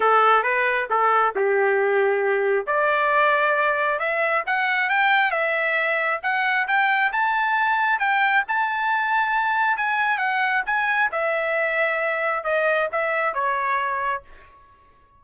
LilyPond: \new Staff \with { instrumentName = "trumpet" } { \time 4/4 \tempo 4 = 135 a'4 b'4 a'4 g'4~ | g'2 d''2~ | d''4 e''4 fis''4 g''4 | e''2 fis''4 g''4 |
a''2 g''4 a''4~ | a''2 gis''4 fis''4 | gis''4 e''2. | dis''4 e''4 cis''2 | }